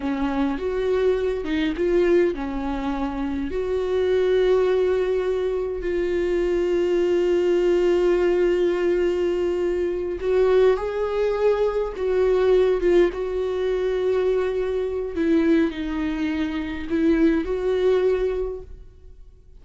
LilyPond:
\new Staff \with { instrumentName = "viola" } { \time 4/4 \tempo 4 = 103 cis'4 fis'4. dis'8 f'4 | cis'2 fis'2~ | fis'2 f'2~ | f'1~ |
f'4. fis'4 gis'4.~ | gis'8 fis'4. f'8 fis'4.~ | fis'2 e'4 dis'4~ | dis'4 e'4 fis'2 | }